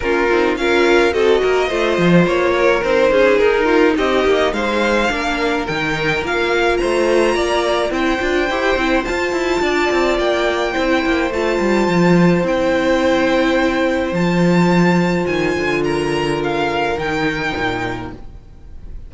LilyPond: <<
  \new Staff \with { instrumentName = "violin" } { \time 4/4 \tempo 4 = 106 ais'4 f''4 dis''2 | cis''4 c''4 ais'4 dis''4 | f''2 g''4 f''4 | ais''2 g''2 |
a''2 g''2 | a''2 g''2~ | g''4 a''2 gis''4 | ais''4 f''4 g''2 | }
  \new Staff \with { instrumentName = "violin" } { \time 4/4 f'4 ais'4 a'8 ais'8 c''4~ | c''8 ais'4 gis'4 f'8 g'4 | c''4 ais'2. | c''4 d''4 c''2~ |
c''4 d''2 c''4~ | c''1~ | c''1 | ais'1 | }
  \new Staff \with { instrumentName = "viola" } { \time 4/4 cis'8 dis'8 f'4 fis'4 f'4~ | f'4 dis'2.~ | dis'4 d'4 dis'4 f'4~ | f'2 e'8 f'8 g'8 e'8 |
f'2. e'4 | f'2 e'2~ | e'4 f'2.~ | f'2 dis'2 | }
  \new Staff \with { instrumentName = "cello" } { \time 4/4 ais8 c'8 cis'4 c'8 ais8 a8 f8 | ais4 c'8 cis'8 dis'4 c'8 ais8 | gis4 ais4 dis4 ais4 | a4 ais4 c'8 d'8 e'8 c'8 |
f'8 e'8 d'8 c'8 ais4 c'8 ais8 | a8 g8 f4 c'2~ | c'4 f2 dis8 d8~ | d2 dis4 ais,4 | }
>>